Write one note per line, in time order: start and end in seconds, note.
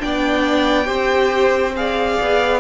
0.00 0.88 B3
0.00 0.85 D4
0.00 0.87 D5
0.00 1.75 G5
0.85 2.18 C4
0.85 1.72 G4
0.85 1.74 C5
1.76 2.60 G#4
1.76 2.60 D5
1.76 2.60 F5
2.21 2.60 B3